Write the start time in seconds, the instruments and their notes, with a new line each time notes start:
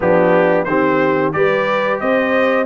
0.00 tuba F3, trombone B3, horn D4, trumpet G4
0.64 tuba D#3, trombone C4, horn G4, trumpet C5
1.32 tuba G3, trombone G4, horn B4, trumpet D5
2.00 tuba C4, horn C5, trumpet D#5